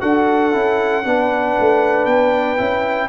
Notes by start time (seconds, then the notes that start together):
0.00 D4 F#4 A4 F#5
0.52 C#4 E4
1.04 B3 D4 B4
1.59 A3
2.05 B3 G5
2.57 C#4 E4